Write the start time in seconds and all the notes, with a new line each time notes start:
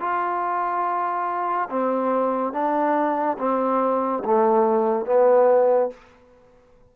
0.00 F4
1.70 C4
2.53 D4
3.39 C4
4.24 A3
5.06 B3